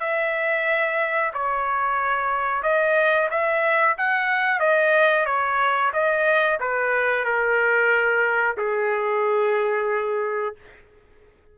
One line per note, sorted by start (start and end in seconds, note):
0.00 1.32 E5
1.33 2.63 C#5
2.63 3.29 D#5
3.31 3.97 E5
3.97 4.60 F#5
4.60 5.26 D#5
5.26 5.92 C#5
5.93 6.59 D#5
6.60 7.25 B4
7.25 8.57 A#4
8.57 10.55 G#4